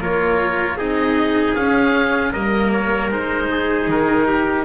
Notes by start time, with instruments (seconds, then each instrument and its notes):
0.00 double bass A#3, cello F4, trumpet A#4, oboe C#5
0.77 double bass C4, cello D#4, trumpet G#4, oboe D#5
1.55 cello C#4, double bass C#4, oboe F5
2.32 double bass G3, cello A#3, trumpet A#4, oboe D#5
2.72 oboe C#5
3.11 double bass G#3, cello D#4, oboe C5
3.51 trumpet G#4
3.88 double bass D#3, oboe A#4
4.27 trumpet G4